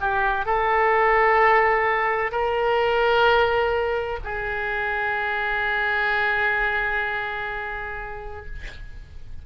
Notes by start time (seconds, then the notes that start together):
0.00 G4
0.45 A4
2.31 A#4
4.24 G#4